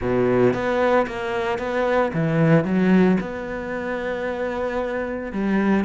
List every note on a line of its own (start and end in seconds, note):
0.01 0.53 B2
0.53 1.06 B3
1.06 1.58 A#3
1.58 2.11 B3
2.13 2.64 E3
2.64 3.17 F#3
3.20 5.32 B3
5.32 5.84 G3